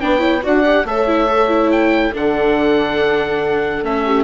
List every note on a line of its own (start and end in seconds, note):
0.00 0.45 B3
0.00 0.19 D4
0.00 0.20 B4
0.00 0.43 G5
0.19 0.40 E4
0.19 0.41 C#5
0.43 0.85 D4
0.43 0.64 F#4
0.43 0.86 D5
0.43 0.87 F#5
0.64 0.86 G4
0.85 2.13 A3
0.85 1.07 A4
0.85 2.13 C#5
0.85 1.71 E5
1.07 1.27 E4
1.27 1.48 A4
1.48 2.12 E4
1.71 2.14 G5
2.13 3.83 D3
2.13 3.84 D4
2.13 4.04 A4
2.13 3.85 F#5
3.83 4.24 A3
3.83 4.24 C#4
3.83 4.24 E5
4.05 4.24 G4